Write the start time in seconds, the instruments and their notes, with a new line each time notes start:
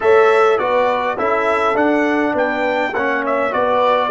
0.00 tuba A3, trombone A4, horn C#5, trumpet E5
0.58 tuba B3, trombone F#4, horn B4, trumpet D5
1.16 tuba C#4, trombone E4, horn A4, trumpet E5
1.74 trombone D4, tuba D4, trumpet F#5
2.33 tuba B3, horn B4, trumpet G5
2.93 tuba A#3, trombone C#4, horn C#5, trumpet F#5
3.25 trumpet E5
3.50 tuba B3, trombone F#4, horn B4, trumpet D5